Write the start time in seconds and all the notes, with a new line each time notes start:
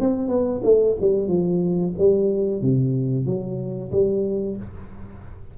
0.00 C4
0.28 B3
0.63 A3
1.01 G3
1.28 F3
1.98 G3
2.62 C3
3.26 F#3
3.91 G3